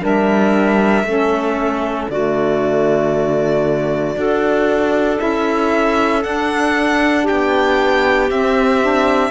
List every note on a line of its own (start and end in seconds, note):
0.00 1.03 G3
0.00 1.03 D4
0.00 1.06 A#4
0.00 2.10 E5
1.03 2.07 A3
1.03 2.09 C#4
1.03 2.11 A4
2.09 4.16 D3
2.09 4.14 A3
2.09 4.17 F#4
2.09 5.19 D5
4.14 5.19 D4
4.14 5.16 F#4
4.14 7.23 A4
5.16 6.24 C#4
5.16 6.20 E4
5.16 6.23 E5
6.22 8.29 D4
6.22 7.28 D4
6.22 7.26 F#5
7.23 9.30 G4
7.23 8.30 G5
7.30 8.30 B3
8.30 8.81 C4
8.30 9.31 C4
8.30 9.31 E5
8.81 9.31 D4